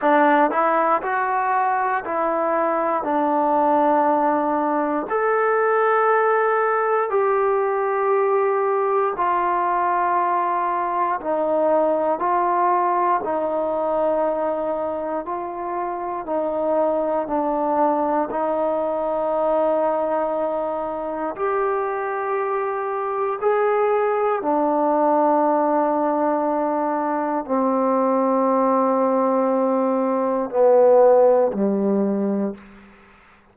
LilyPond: \new Staff \with { instrumentName = "trombone" } { \time 4/4 \tempo 4 = 59 d'8 e'8 fis'4 e'4 d'4~ | d'4 a'2 g'4~ | g'4 f'2 dis'4 | f'4 dis'2 f'4 |
dis'4 d'4 dis'2~ | dis'4 g'2 gis'4 | d'2. c'4~ | c'2 b4 g4 | }